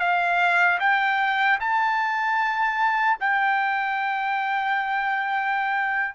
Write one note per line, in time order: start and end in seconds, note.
0.00 0.79 F5
0.80 1.59 G5
1.60 3.18 A5
3.20 6.15 G5